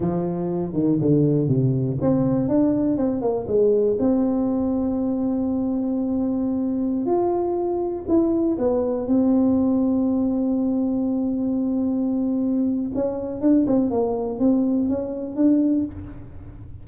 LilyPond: \new Staff \with { instrumentName = "tuba" } { \time 4/4 \tempo 4 = 121 f4. dis8 d4 c4 | c'4 d'4 c'8 ais8 gis4 | c'1~ | c'2~ c'16 f'4.~ f'16~ |
f'16 e'4 b4 c'4.~ c'16~ | c'1~ | c'2 cis'4 d'8 c'8 | ais4 c'4 cis'4 d'4 | }